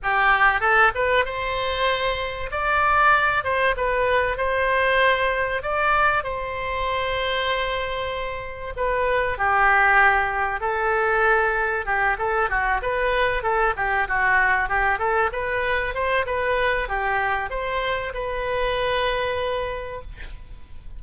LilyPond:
\new Staff \with { instrumentName = "oboe" } { \time 4/4 \tempo 4 = 96 g'4 a'8 b'8 c''2 | d''4. c''8 b'4 c''4~ | c''4 d''4 c''2~ | c''2 b'4 g'4~ |
g'4 a'2 g'8 a'8 | fis'8 b'4 a'8 g'8 fis'4 g'8 | a'8 b'4 c''8 b'4 g'4 | c''4 b'2. | }